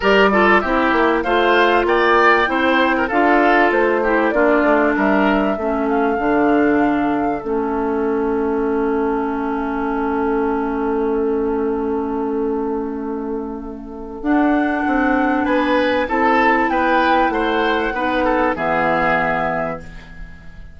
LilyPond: <<
  \new Staff \with { instrumentName = "flute" } { \time 4/4 \tempo 4 = 97 d''4 e''4 f''4 g''4~ | g''4 f''4 c''4 d''4 | e''4. f''2~ f''8 | e''1~ |
e''1~ | e''2. fis''4~ | fis''4 gis''4 a''4 g''4 | fis''2 e''2 | }
  \new Staff \with { instrumentName = "oboe" } { \time 4/4 ais'8 a'8 g'4 c''4 d''4 | c''8. ais'16 a'4. g'8 f'4 | ais'4 a'2.~ | a'1~ |
a'1~ | a'1~ | a'4 b'4 a'4 b'4 | c''4 b'8 a'8 gis'2 | }
  \new Staff \with { instrumentName = "clarinet" } { \time 4/4 g'8 f'8 e'4 f'2 | e'4 f'4. e'8 d'4~ | d'4 cis'4 d'2 | cis'1~ |
cis'1~ | cis'2. d'4~ | d'2 e'2~ | e'4 dis'4 b2 | }
  \new Staff \with { instrumentName = "bassoon" } { \time 4/4 g4 c'8 ais8 a4 ais4 | c'4 d'4 a4 ais8 a8 | g4 a4 d2 | a1~ |
a1~ | a2. d'4 | c'4 b4 c'4 b4 | a4 b4 e2 | }
>>